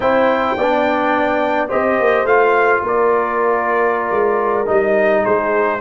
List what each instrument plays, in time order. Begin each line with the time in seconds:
0.00 tuba C4, trombone E4, horn C5, trumpet G5
0.57 tuba B3, trombone D4, horn D5
1.68 tuba C4, trombone G4, horn C5, trumpet D#5
1.99 tuba A#3
2.24 tuba A3, trombone F4, trumpet F5
2.83 tuba A#3, horn A#4, trumpet D5
4.11 tuba G#3
4.65 tuba G3, trombone D#4, trumpet D#5
5.22 tuba G#3, horn G#4, trumpet C5